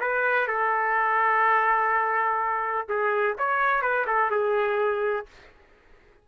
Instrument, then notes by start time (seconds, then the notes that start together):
trumpet
0.00 B4
0.47 A4
2.88 G#4
3.38 C#5
3.82 B4
4.06 A4
4.30 G#4